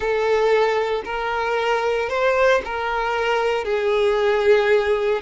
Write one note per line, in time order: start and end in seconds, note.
0.00 1.02 A4
1.04 2.09 A#4
2.09 2.61 C5
2.65 3.64 A#4
3.64 5.21 G#4